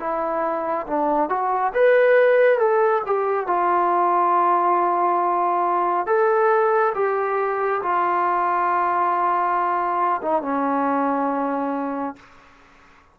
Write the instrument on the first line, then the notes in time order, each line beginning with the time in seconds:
trombone
0.00 E4
0.87 D4
1.30 F#4
1.74 B4
2.59 A4
3.06 G4
3.47 F4
6.07 A4
6.95 G4
7.83 F4
10.23 D#4
10.43 C#4